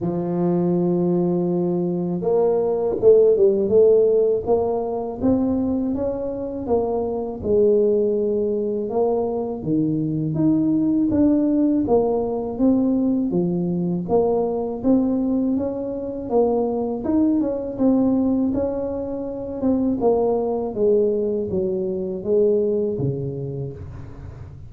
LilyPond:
\new Staff \with { instrumentName = "tuba" } { \time 4/4 \tempo 4 = 81 f2. ais4 | a8 g8 a4 ais4 c'4 | cis'4 ais4 gis2 | ais4 dis4 dis'4 d'4 |
ais4 c'4 f4 ais4 | c'4 cis'4 ais4 dis'8 cis'8 | c'4 cis'4. c'8 ais4 | gis4 fis4 gis4 cis4 | }